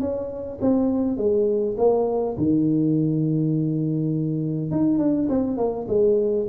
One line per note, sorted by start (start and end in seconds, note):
0.00 0.59 C#4
0.61 1.17 C4
1.17 1.76 G#3
1.77 2.36 A#3
2.37 4.71 D#3
4.71 4.98 D#4
4.98 5.28 D4
5.29 5.57 C4
5.57 5.86 A#3
5.88 6.47 G#3